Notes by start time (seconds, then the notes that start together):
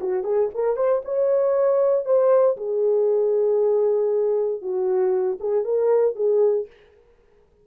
0.00 F#4
0.23 G#4
0.54 A#4
0.76 C5
1.05 C#5
2.05 C5
2.56 G#4
4.61 F#4
5.40 G#4
5.64 A#4
6.15 G#4